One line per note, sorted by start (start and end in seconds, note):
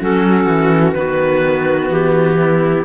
0.00 0.47 F#3
0.00 0.96 C#4
0.00 0.95 F#4
0.00 0.92 A4
0.47 0.94 E3
0.92 1.89 D#3
0.92 2.85 B3
0.92 2.38 F#4
0.92 1.87 B4
1.89 2.84 E3
1.89 2.85 G4
2.38 2.85 E4